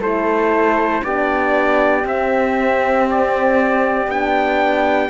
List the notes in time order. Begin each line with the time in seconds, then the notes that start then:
0.00 A3 E4 A4 C5
1.04 B3 D4 G4 D5
2.04 C4 E5
3.11 D5
4.07 B3 D4 G5